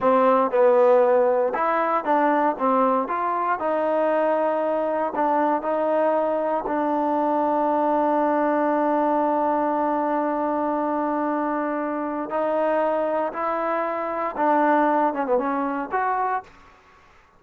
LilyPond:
\new Staff \with { instrumentName = "trombone" } { \time 4/4 \tempo 4 = 117 c'4 b2 e'4 | d'4 c'4 f'4 dis'4~ | dis'2 d'4 dis'4~ | dis'4 d'2.~ |
d'1~ | d'1 | dis'2 e'2 | d'4. cis'16 b16 cis'4 fis'4 | }